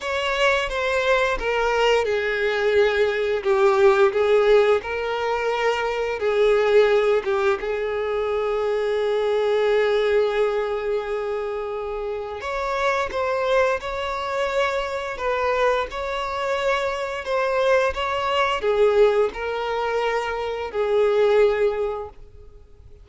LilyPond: \new Staff \with { instrumentName = "violin" } { \time 4/4 \tempo 4 = 87 cis''4 c''4 ais'4 gis'4~ | gis'4 g'4 gis'4 ais'4~ | ais'4 gis'4. g'8 gis'4~ | gis'1~ |
gis'2 cis''4 c''4 | cis''2 b'4 cis''4~ | cis''4 c''4 cis''4 gis'4 | ais'2 gis'2 | }